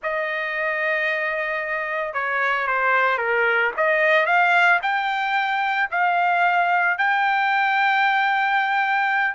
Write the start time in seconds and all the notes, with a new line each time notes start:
0.02 D#5
2.13 C#5
2.67 C5
3.18 A#4
3.76 D#5
4.25 F5
4.82 G5
5.91 F5
6.97 G5